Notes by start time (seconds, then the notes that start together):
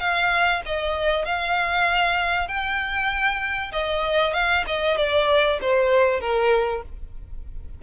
0.00 F5
0.66 D#5
1.25 F5
2.48 G5
3.72 D#5
4.34 F5
4.67 D#5
4.98 D5
5.61 C5
6.21 A#4